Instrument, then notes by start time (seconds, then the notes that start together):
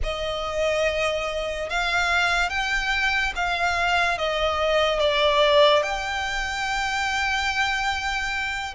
violin
0.03 D#5
1.69 F5
2.49 G5
3.35 F5
4.18 D#5
4.99 D5
5.83 G5